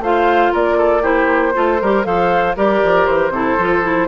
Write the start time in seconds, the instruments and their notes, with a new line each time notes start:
0.00 bassoon A3, clarinet F4, oboe C5, flute F5
0.53 bassoon A#3, oboe A#4, flute D5
0.78 oboe A4
1.02 clarinet E4, oboe G4, flute C5
1.54 bassoon A3, clarinet F4, oboe A4
1.82 bassoon G3, clarinet G4, oboe A#4
2.05 bassoon F3, clarinet A4, oboe C5, flute F5
2.57 bassoon G3, clarinet G4, oboe A#4, flute D5
2.84 bassoon F3
3.07 bassoon E3, flute C5
3.30 bassoon C3, clarinet E4, oboe A4
3.58 bassoon F3, clarinet F4
3.83 clarinet E4